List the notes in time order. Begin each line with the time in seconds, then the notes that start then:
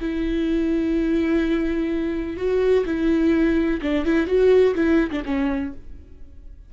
0.00 E4
2.37 F#4
2.85 E4
3.82 D4
4.05 E4
4.27 F#4
4.75 E4
5.11 D4
5.26 C#4